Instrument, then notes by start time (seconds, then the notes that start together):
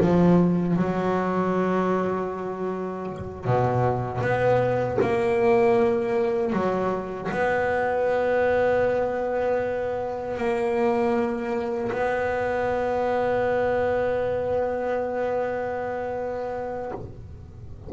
double bass
0.00 F3
0.76 F#3
3.45 B2
4.21 B3
5.01 A#3
6.53 F#3
7.31 B3
10.37 A#3
11.91 B3